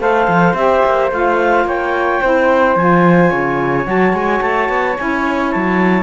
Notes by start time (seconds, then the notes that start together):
0.00 A3 A4 C5 F5
0.28 F3
0.54 C4 G4 E5
0.86 A#3
1.11 A3 F4 F5
1.65 A#3 C#5 G5
2.22 C4 E4 C5
2.76 F3 F4 G#5
3.31 C#3 C#5
3.84 F#3 F#4 A5
4.13 G#3 G#5
4.42 A3 A5
4.69 B3
4.98 C#4 E4 G#5
5.51 F#3 A5